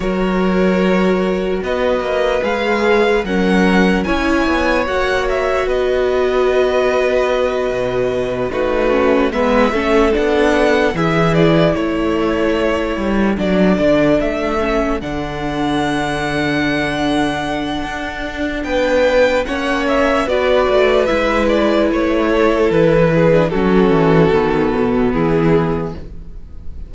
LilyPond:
<<
  \new Staff \with { instrumentName = "violin" } { \time 4/4 \tempo 4 = 74 cis''2 dis''4 f''4 | fis''4 gis''4 fis''8 e''8 dis''4~ | dis''2~ dis''8 b'4 e''8~ | e''8 fis''4 e''8 d''8 cis''4.~ |
cis''8 d''4 e''4 fis''4.~ | fis''2. g''4 | fis''8 e''8 d''4 e''8 d''8 cis''4 | b'4 a'2 gis'4 | }
  \new Staff \with { instrumentName = "violin" } { \time 4/4 ais'2 b'2 | ais'4 cis''2 b'4~ | b'2~ b'8 fis'4 b'8 | a'4. gis'4 a'4.~ |
a'1~ | a'2. b'4 | cis''4 b'2~ b'8 a'8~ | a'8 gis'8 fis'2 e'4 | }
  \new Staff \with { instrumentName = "viola" } { \time 4/4 fis'2. gis'4 | cis'4 e'4 fis'2~ | fis'2~ fis'8 dis'8 cis'8 b8 | cis'8 d'4 e'2~ e'8~ |
e'8 d'4. cis'8 d'4.~ | d'1 | cis'4 fis'4 e'2~ | e'8. d'16 cis'4 b2 | }
  \new Staff \with { instrumentName = "cello" } { \time 4/4 fis2 b8 ais8 gis4 | fis4 cis'8 b8 ais4 b4~ | b4. b,4 a4 gis8 | a8 b4 e4 a4. |
g8 fis8 d8 a4 d4.~ | d2 d'4 b4 | ais4 b8 a8 gis4 a4 | e4 fis8 e8 dis8 b,8 e4 | }
>>